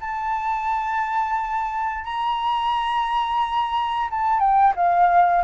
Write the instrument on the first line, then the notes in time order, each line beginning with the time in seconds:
flute
0.00 A5
2.04 A#5
4.10 A5
4.39 G5
4.75 F5